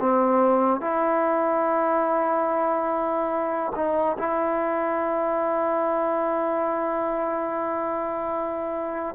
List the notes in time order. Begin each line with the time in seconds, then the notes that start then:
0.00 C4
0.81 E4
3.75 D#4
4.19 E4